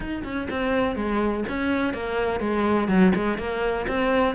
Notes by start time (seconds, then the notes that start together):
0.00 D#4
0.24 C#4
0.49 C4
0.95 G#3
1.48 C#4
1.93 A#3
2.40 G#3
2.88 F#3
3.15 G#3
3.38 A#3
3.87 C4